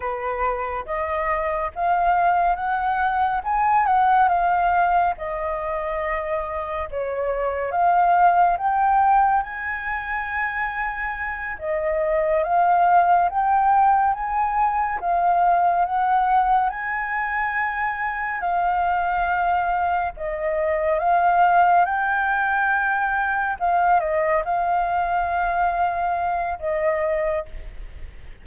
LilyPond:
\new Staff \with { instrumentName = "flute" } { \time 4/4 \tempo 4 = 70 b'4 dis''4 f''4 fis''4 | gis''8 fis''8 f''4 dis''2 | cis''4 f''4 g''4 gis''4~ | gis''4. dis''4 f''4 g''8~ |
g''8 gis''4 f''4 fis''4 gis''8~ | gis''4. f''2 dis''8~ | dis''8 f''4 g''2 f''8 | dis''8 f''2~ f''8 dis''4 | }